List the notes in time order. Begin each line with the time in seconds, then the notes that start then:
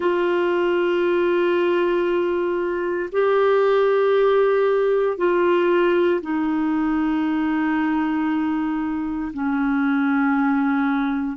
0.00 F4
3.12 G4
5.17 F4
6.21 D#4
9.33 C#4